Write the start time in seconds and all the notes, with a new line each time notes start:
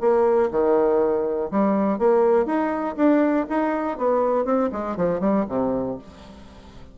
0.00 A#3
0.51 D#3
1.51 G3
1.98 A#3
2.46 D#4
2.96 D4
3.49 D#4
3.97 B3
4.45 C4
4.72 G#3
4.96 F3
5.20 G3
5.48 C3